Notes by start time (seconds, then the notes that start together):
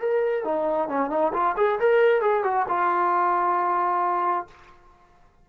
0.00 A#4
0.45 D#4
0.90 C#4
1.11 D#4
1.34 F4
1.58 G#4
1.80 A#4
2.22 G#4
2.44 F#4
2.69 F4